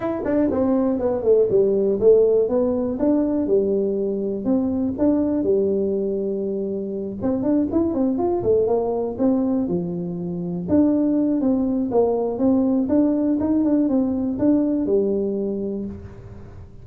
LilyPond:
\new Staff \with { instrumentName = "tuba" } { \time 4/4 \tempo 4 = 121 e'8 d'8 c'4 b8 a8 g4 | a4 b4 d'4 g4~ | g4 c'4 d'4 g4~ | g2~ g8 c'8 d'8 e'8 |
c'8 f'8 a8 ais4 c'4 f8~ | f4. d'4. c'4 | ais4 c'4 d'4 dis'8 d'8 | c'4 d'4 g2 | }